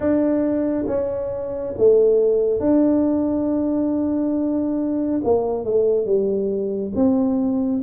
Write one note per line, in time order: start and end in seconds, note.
0.00 0.85 D4
0.87 1.74 C#4
1.77 2.60 A3
2.60 5.21 D4
5.24 5.64 A#3
5.64 6.05 A3
6.05 6.92 G3
6.95 7.82 C4